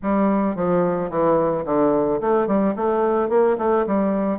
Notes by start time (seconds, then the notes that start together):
0.02 G3
0.55 F3
1.09 E3
1.65 D3
2.20 A3
2.47 G3
2.75 A3
3.29 A#3
3.58 A3
3.87 G3